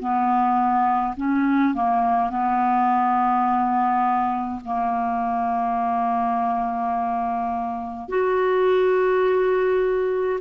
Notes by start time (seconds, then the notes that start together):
0.00 B3
1.17 C#4
1.75 A#3
2.30 B3
4.65 A#3
8.09 F#4